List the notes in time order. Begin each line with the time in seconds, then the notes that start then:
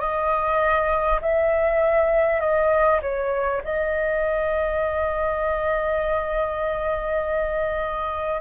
0.00 D#5
1.22 E5
2.41 D#5
3.02 C#5
3.64 D#5